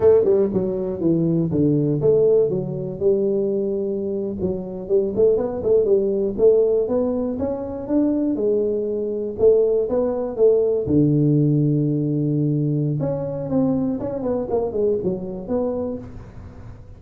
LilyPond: \new Staff \with { instrumentName = "tuba" } { \time 4/4 \tempo 4 = 120 a8 g8 fis4 e4 d4 | a4 fis4 g2~ | g8. fis4 g8 a8 b8 a8 g16~ | g8. a4 b4 cis'4 d'16~ |
d'8. gis2 a4 b16~ | b8. a4 d2~ d16~ | d2 cis'4 c'4 | cis'8 b8 ais8 gis8 fis4 b4 | }